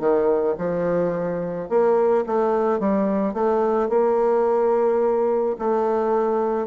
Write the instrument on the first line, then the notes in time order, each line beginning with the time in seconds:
bassoon
0.00 D#3
0.59 F3
1.69 A#3
2.27 A3
2.80 G3
3.34 A3
3.90 A#3
5.59 A3